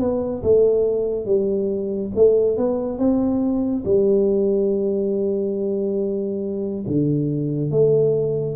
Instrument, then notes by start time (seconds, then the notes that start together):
tuba
0.00 B3
0.43 A3
1.26 G3
2.15 A3
2.58 B3
2.99 C4
3.85 G3
6.87 D3
7.71 A3